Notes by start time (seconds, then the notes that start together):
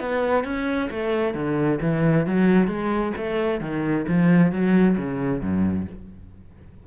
0.00 B3
0.44 C#4
0.91 A3
1.35 D3
1.82 E3
2.26 F#3
2.67 G#3
3.17 A3
3.61 D#3
4.08 F3
4.52 F#3
4.97 C#3
5.42 F#2